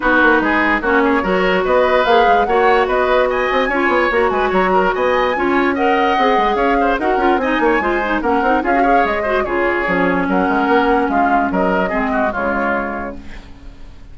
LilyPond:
<<
  \new Staff \with { instrumentName = "flute" } { \time 4/4 \tempo 4 = 146 b'2 cis''2 | dis''4 f''4 fis''4 dis''4 | gis''2 ais''8 gis''8 ais''4 | gis''2 fis''2 |
f''4 fis''4 gis''2 | fis''4 f''4 dis''4 cis''4~ | cis''4 fis''2 f''4 | dis''2 cis''2 | }
  \new Staff \with { instrumentName = "oboe" } { \time 4/4 fis'4 gis'4 fis'8 gis'8 ais'4 | b'2 cis''4 b'4 | dis''4 cis''4. b'8 cis''8 ais'8 | dis''4 cis''4 dis''2 |
cis''8 c''8 ais'4 dis''8 cis''8 c''4 | ais'4 gis'8 cis''4 c''8 gis'4~ | gis'4 ais'2 f'4 | ais'4 gis'8 fis'8 f'2 | }
  \new Staff \with { instrumentName = "clarinet" } { \time 4/4 dis'2 cis'4 fis'4~ | fis'4 gis'4 fis'2~ | fis'4 f'4 fis'2~ | fis'4 f'4 ais'4 gis'4~ |
gis'4 fis'8 f'8 dis'4 f'8 dis'8 | cis'8 dis'8 f'16 fis'16 gis'4 fis'8 f'4 | cis'1~ | cis'4 c'4 gis2 | }
  \new Staff \with { instrumentName = "bassoon" } { \time 4/4 b8 ais8 gis4 ais4 fis4 | b4 ais8 gis8 ais4 b4~ | b8 c'8 cis'8 b8 ais8 gis8 fis4 | b4 cis'2 c'8 gis8 |
cis'4 dis'8 cis'8 c'8 ais8 gis4 | ais8 c'8 cis'4 gis4 cis4 | f4 fis8 gis8 ais4 gis4 | fis4 gis4 cis2 | }
>>